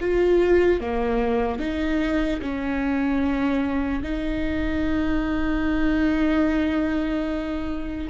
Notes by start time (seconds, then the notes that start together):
0.00 F4
0.80 A#3
1.59 D#4
2.41 C#4
4.02 D#4